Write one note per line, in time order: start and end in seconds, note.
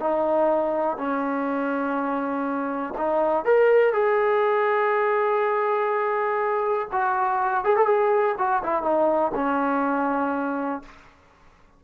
0.00 0.97 D#4
0.97 2.94 C#4
2.97 3.44 D#4
3.44 3.93 A#4
3.93 6.88 G#4
6.92 7.64 F#4
7.64 7.76 G#4
7.76 7.86 A4
7.86 8.35 G#4
8.38 8.62 F#4
8.63 8.82 E4
8.82 9.31 D#4
9.34 10.82 C#4